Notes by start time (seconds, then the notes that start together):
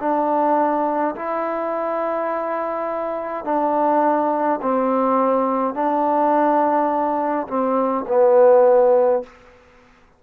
0.00 D4
1.15 E4
3.45 D4
4.62 C4
5.74 D4
7.48 C4
8.08 B3